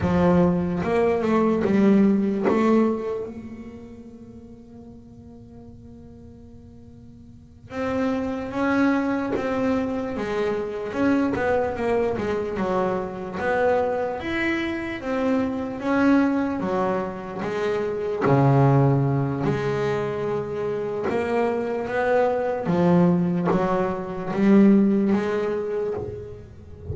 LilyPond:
\new Staff \with { instrumentName = "double bass" } { \time 4/4 \tempo 4 = 74 f4 ais8 a8 g4 a4 | ais1~ | ais4. c'4 cis'4 c'8~ | c'8 gis4 cis'8 b8 ais8 gis8 fis8~ |
fis8 b4 e'4 c'4 cis'8~ | cis'8 fis4 gis4 cis4. | gis2 ais4 b4 | f4 fis4 g4 gis4 | }